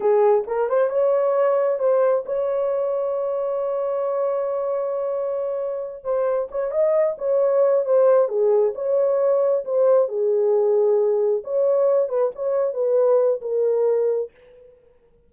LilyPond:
\new Staff \with { instrumentName = "horn" } { \time 4/4 \tempo 4 = 134 gis'4 ais'8 c''8 cis''2 | c''4 cis''2.~ | cis''1~ | cis''4. c''4 cis''8 dis''4 |
cis''4. c''4 gis'4 cis''8~ | cis''4. c''4 gis'4.~ | gis'4. cis''4. b'8 cis''8~ | cis''8 b'4. ais'2 | }